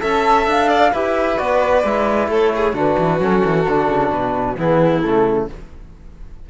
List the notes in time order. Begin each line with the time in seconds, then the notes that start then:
0.00 C#4 A4 E5 A5
0.46 D4 F5
0.68 D5
0.92 E4 G4 B4 E5
1.37 B3 F#4 D5
1.84 G#3 E4
2.27 A3 A4 C#5
2.55 G#4
2.73 D3 D4 F#4 B4
2.98 E3
3.19 F#3 C#4 A4
3.45 E3
3.68 D3 D4
3.88 C#3
4.10 B2 B4
4.57 E3 B3 E4 G#4
5.01 C#3 A3 A4